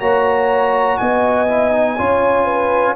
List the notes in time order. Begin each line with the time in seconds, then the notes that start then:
0.00 A#3 F#4 C#5 A#5
0.98 B3 D#5 G#5
1.48 E4
1.72 D#4
1.98 C#4 F4 C#5
2.45 B4